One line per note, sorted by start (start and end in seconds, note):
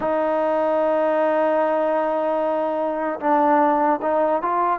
0.00 3.19 D#4
3.20 4.00 D4
4.01 4.41 D#4
4.42 4.79 F4